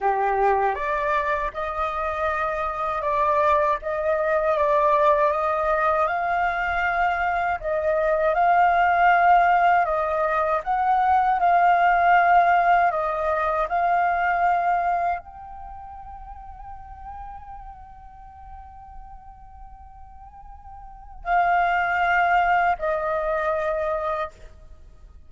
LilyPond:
\new Staff \with { instrumentName = "flute" } { \time 4/4 \tempo 4 = 79 g'4 d''4 dis''2 | d''4 dis''4 d''4 dis''4 | f''2 dis''4 f''4~ | f''4 dis''4 fis''4 f''4~ |
f''4 dis''4 f''2 | g''1~ | g''1 | f''2 dis''2 | }